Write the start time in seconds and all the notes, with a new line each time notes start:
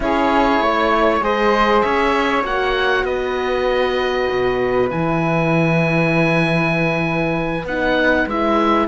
0.00 C#4 E4 G#4 C#5
0.60 A3 C#5
1.21 G#3 G#4 C5 D#5
1.81 C#4 C#5 E5
2.43 A#3 F#4 F#5
3.03 B3 B4 D#5
4.30 B2
4.89 E3 E4 G#5
7.64 B3 D#4 F#5
8.26 G#3 E4 E5